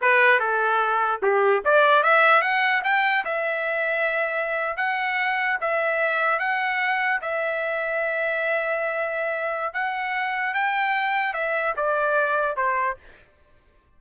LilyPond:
\new Staff \with { instrumentName = "trumpet" } { \time 4/4 \tempo 4 = 148 b'4 a'2 g'4 | d''4 e''4 fis''4 g''4 | e''2.~ e''8. fis''16~ | fis''4.~ fis''16 e''2 fis''16~ |
fis''4.~ fis''16 e''2~ e''16~ | e''1 | fis''2 g''2 | e''4 d''2 c''4 | }